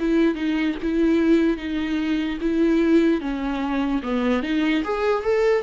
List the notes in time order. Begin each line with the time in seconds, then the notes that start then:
0.00 E4
0.35 D#4
0.83 E4
1.58 D#4
2.41 E4
3.21 C#4
4.03 B3
4.43 D#4
4.84 G#4
5.24 A4